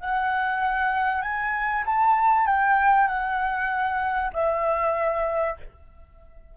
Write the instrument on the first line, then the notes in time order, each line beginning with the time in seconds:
flute
0.00 F#5
1.22 G#5
1.86 A5
2.46 G5
3.08 F#5
4.33 E5